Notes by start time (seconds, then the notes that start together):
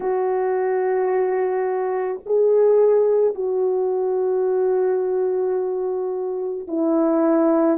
0.00 F#4
2.26 G#4
3.34 F#4
6.67 E4